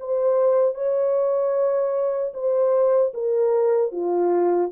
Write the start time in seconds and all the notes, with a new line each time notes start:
0.00 C5
0.75 C#5
2.34 C5
3.14 A#4
3.92 F4